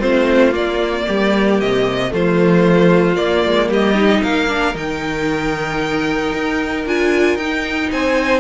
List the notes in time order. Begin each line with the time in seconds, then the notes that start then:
0.00 A3 C4 F4 C5
0.52 A#3 D5
1.07 G3 G4
1.61 C3 D#5
2.10 F3 A3 F4 C5
3.16 A#3 D5
3.45 G#3
3.69 G3 G4 D#5
3.95 D#4
4.23 A#3 A#4 F5
4.49 D4
4.74 D#3 D#4 G5
6.34 D#4
6.86 D4 F4 G#5
7.36 D#4 G5
7.92 C4 C5 G#5